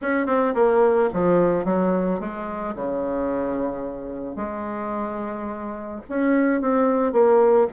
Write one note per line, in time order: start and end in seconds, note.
0.01 0.26 C#4
0.26 0.54 C4
0.54 1.09 A#3
1.13 1.65 F3
1.65 2.19 F#3
2.19 2.74 G#3
2.75 4.36 C#3
4.36 6.01 G#3
6.09 6.61 C#4
6.61 7.12 C4
7.12 7.67 A#3